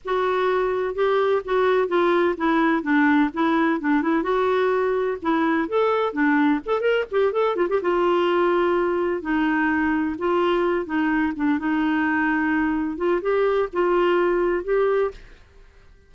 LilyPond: \new Staff \with { instrumentName = "clarinet" } { \time 4/4 \tempo 4 = 127 fis'2 g'4 fis'4 | f'4 e'4 d'4 e'4 | d'8 e'8 fis'2 e'4 | a'4 d'4 a'8 ais'8 g'8 a'8 |
f'16 g'16 f'2. dis'8~ | dis'4. f'4. dis'4 | d'8 dis'2. f'8 | g'4 f'2 g'4 | }